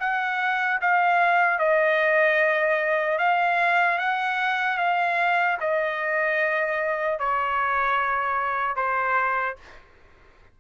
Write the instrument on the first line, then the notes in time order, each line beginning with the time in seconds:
trumpet
0.00 F#5
0.81 F5
1.59 D#5
3.19 F5
3.99 F#5
4.77 F5
5.60 D#5
7.20 C#5
8.76 C5